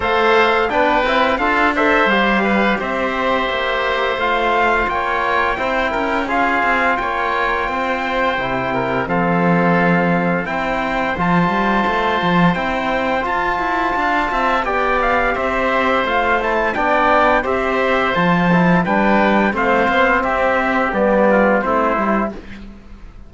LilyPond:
<<
  \new Staff \with { instrumentName = "trumpet" } { \time 4/4 \tempo 4 = 86 f''4 g''4 f''8 e''8 f''4 | e''2 f''4 g''4~ | g''4 f''4 g''2~ | g''4 f''2 g''4 |
a''2 g''4 a''4~ | a''4 g''8 f''8 e''4 f''8 a''8 | g''4 e''4 a''4 g''4 | f''4 e''4 d''4 c''4 | }
  \new Staff \with { instrumentName = "oboe" } { \time 4/4 c''4 b'4 a'8 c''4 b'8 | c''2. cis''4 | c''8 ais'8 gis'4 cis''4 c''4~ | c''8 ais'8 a'2 c''4~ |
c''1 | f''8 e''8 d''4 c''2 | d''4 c''2 b'4 | c''4 g'4. f'8 e'4 | }
  \new Staff \with { instrumentName = "trombone" } { \time 4/4 a'4 d'8 e'8 f'8 a'8 g'4~ | g'2 f'2 | e'4 f'2. | e'4 c'2 e'4 |
f'2 e'4 f'4~ | f'4 g'2 f'8 e'8 | d'4 g'4 f'8 e'8 d'4 | c'2 b4 c'8 e'8 | }
  \new Staff \with { instrumentName = "cello" } { \time 4/4 a4 b8 c'8 d'4 g4 | c'4 ais4 a4 ais4 | c'8 cis'4 c'8 ais4 c'4 | c4 f2 c'4 |
f8 g8 a8 f8 c'4 f'8 e'8 | d'8 c'8 b4 c'4 a4 | b4 c'4 f4 g4 | a8 b8 c'4 g4 a8 g8 | }
>>